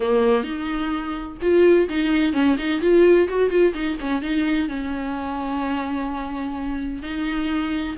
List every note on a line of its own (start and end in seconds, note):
0.00 0.43 A#3
0.43 1.37 D#4
1.41 1.88 F4
1.89 2.33 D#4
2.33 2.56 C#4
2.58 2.81 D#4
2.81 3.27 F4
3.28 3.49 F#4
3.49 3.73 F4
3.74 3.97 D#4
4.00 4.22 C#4
4.22 4.68 D#4
4.68 7.02 C#4
7.02 7.96 D#4